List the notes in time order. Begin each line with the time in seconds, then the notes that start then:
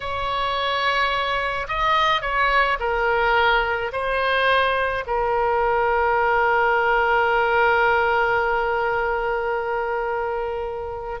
0.00 C#5
1.67 D#5
2.21 C#5
2.79 A#4
3.92 C5
5.06 A#4